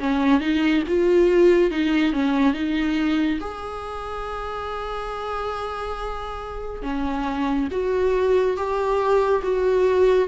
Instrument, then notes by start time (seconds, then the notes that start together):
viola
0.00 C#4
0.41 D#4
0.88 F4
1.71 D#4
2.13 C#4
2.54 D#4
3.41 G#4
6.83 C#4
7.72 F#4
8.57 G4
9.44 F#4